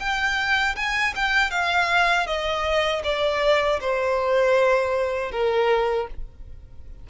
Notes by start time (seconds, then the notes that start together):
0.00 G5
0.76 G#5
1.16 G5
1.51 F5
2.27 D#5
3.04 D5
3.81 C5
5.32 A#4